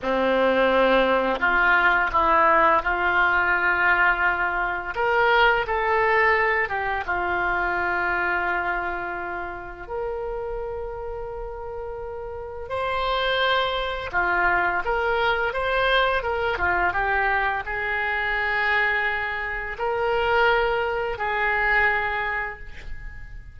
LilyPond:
\new Staff \with { instrumentName = "oboe" } { \time 4/4 \tempo 4 = 85 c'2 f'4 e'4 | f'2. ais'4 | a'4. g'8 f'2~ | f'2 ais'2~ |
ais'2 c''2 | f'4 ais'4 c''4 ais'8 f'8 | g'4 gis'2. | ais'2 gis'2 | }